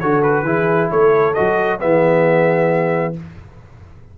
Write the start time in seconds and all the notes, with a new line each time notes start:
0.00 D3 F#4 A4 C#5
0.23 B4
0.43 E3 E4 G#4
0.90 A3 A4 C#5
1.34 F#3 F#4 D#5
1.79 E3 B3 G#4 E5